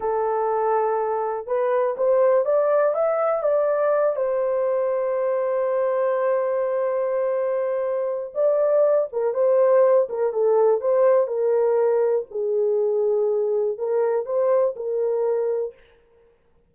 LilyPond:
\new Staff \with { instrumentName = "horn" } { \time 4/4 \tempo 4 = 122 a'2. b'4 | c''4 d''4 e''4 d''4~ | d''8 c''2.~ c''8~ | c''1~ |
c''4 d''4. ais'8 c''4~ | c''8 ais'8 a'4 c''4 ais'4~ | ais'4 gis'2. | ais'4 c''4 ais'2 | }